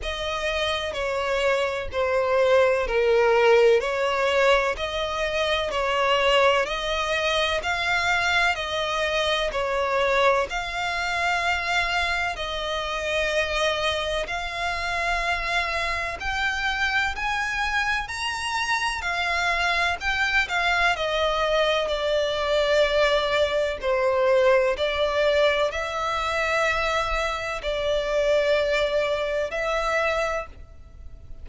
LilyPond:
\new Staff \with { instrumentName = "violin" } { \time 4/4 \tempo 4 = 63 dis''4 cis''4 c''4 ais'4 | cis''4 dis''4 cis''4 dis''4 | f''4 dis''4 cis''4 f''4~ | f''4 dis''2 f''4~ |
f''4 g''4 gis''4 ais''4 | f''4 g''8 f''8 dis''4 d''4~ | d''4 c''4 d''4 e''4~ | e''4 d''2 e''4 | }